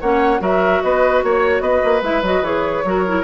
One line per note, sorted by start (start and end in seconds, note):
0.00 0.40 A#3
0.00 0.39 C#4
0.00 0.41 C#5
0.00 0.41 F#5
0.39 0.81 F#3
0.39 2.01 F#4
0.39 0.82 A#4
0.39 0.82 E5
0.82 1.23 B3
0.82 1.24 B4
0.82 1.23 D#5
1.23 1.60 A#3
1.23 1.61 C#5
1.23 1.62 C#5
1.60 1.80 B3
1.60 2.84 B4
1.60 2.01 D#5
1.84 2.02 A#3
2.02 2.21 G#3
2.02 2.22 E4
2.02 2.23 E5
2.21 2.41 F#3
2.21 2.43 F#4
2.21 2.44 D#5
2.41 2.82 E3
2.41 2.84 G#4
2.41 3.24 C#5
2.84 3.24 F#3
2.84 3.05 F#4
2.84 3.24 A#4
3.06 3.24 E4